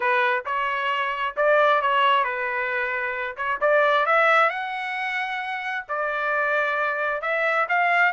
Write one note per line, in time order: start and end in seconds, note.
0.00 0.43 B4
0.45 1.35 C#5
1.36 1.81 D5
1.81 2.23 C#5
2.23 3.36 B4
3.36 3.59 C#5
3.60 4.06 D5
4.06 4.49 E5
4.49 5.84 F#5
5.88 7.21 D5
7.21 7.66 E5
7.68 8.12 F5